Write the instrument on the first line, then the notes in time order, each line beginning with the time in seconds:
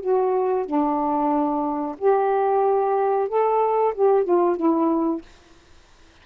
saxophone
0.00 F#4
0.65 D4
1.97 G4
3.28 A4
3.95 G4
4.24 F4
4.56 E4